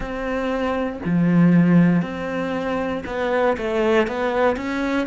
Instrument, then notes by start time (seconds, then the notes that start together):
cello
0.00 C4
1.04 F3
2.02 C4
3.06 B3
3.57 A3
4.07 B3
4.56 C#4